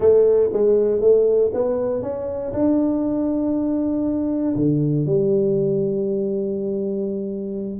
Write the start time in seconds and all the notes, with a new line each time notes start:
0.00 A3
0.52 G#3
1.01 A3
1.53 B3
2.02 C#4
2.53 D4
4.56 D3
5.06 G3